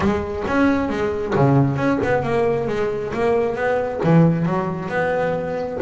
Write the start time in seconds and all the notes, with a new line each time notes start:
0.00 G#3
0.47 C#4
0.89 G#3
1.35 C#3
1.76 C#4
2.03 B3
2.22 A#3
2.67 G#3
3.13 A#3
3.55 B3
4.03 E3
4.45 F#3
4.88 B3